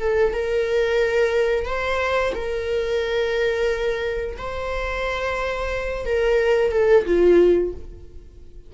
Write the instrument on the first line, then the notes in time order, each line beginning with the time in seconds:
viola
0.00 A4
0.33 A#4
1.65 C5
2.34 A#4
4.38 C5
6.06 A#4
6.71 A4
7.06 F4